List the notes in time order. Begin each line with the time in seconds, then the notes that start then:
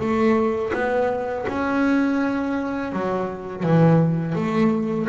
0.00 A3
0.73 B3
1.49 C#4
2.92 F#3
3.63 E3
4.35 A3